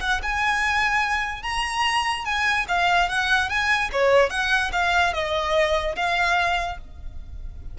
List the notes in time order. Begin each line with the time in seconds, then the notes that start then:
0.00 F#5
0.22 G#5
1.42 A#5
2.25 G#5
2.68 F5
3.09 F#5
3.49 G#5
3.92 C#5
4.29 F#5
4.72 F5
5.13 D#5
5.95 F5